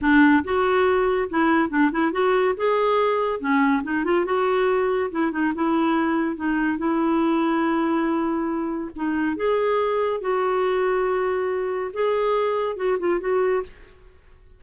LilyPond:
\new Staff \with { instrumentName = "clarinet" } { \time 4/4 \tempo 4 = 141 d'4 fis'2 e'4 | d'8 e'8 fis'4 gis'2 | cis'4 dis'8 f'8 fis'2 | e'8 dis'8 e'2 dis'4 |
e'1~ | e'4 dis'4 gis'2 | fis'1 | gis'2 fis'8 f'8 fis'4 | }